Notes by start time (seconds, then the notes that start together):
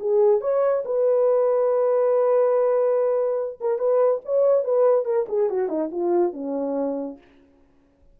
0.00 G#4
0.41 C#5
0.85 B4
3.61 A#4
3.78 B4
4.25 C#5
4.64 B4
5.05 A#4
5.29 G#4
5.50 F#4
5.69 D#4
5.92 F4
6.33 C#4